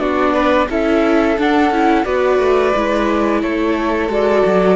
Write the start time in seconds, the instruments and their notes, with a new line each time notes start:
0.00 cello B3, viola D4, violin F#4, flute D5
0.34 violin B4
0.70 cello C#4, viola E4, violin A4, flute E5
1.38 cello D4, viola D4, flute F#5
1.71 cello C#4, viola E4
2.05 cello B3, viola F#4, violin B4, flute D5
2.39 cello A3
2.76 cello G#3, viola E4
3.42 cello A3, violin A4, flute C#5
4.09 cello G#3, viola F#4, flute D5
4.46 cello F#3